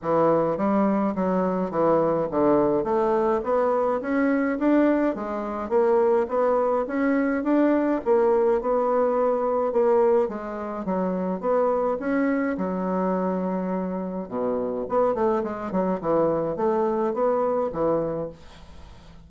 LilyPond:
\new Staff \with { instrumentName = "bassoon" } { \time 4/4 \tempo 4 = 105 e4 g4 fis4 e4 | d4 a4 b4 cis'4 | d'4 gis4 ais4 b4 | cis'4 d'4 ais4 b4~ |
b4 ais4 gis4 fis4 | b4 cis'4 fis2~ | fis4 b,4 b8 a8 gis8 fis8 | e4 a4 b4 e4 | }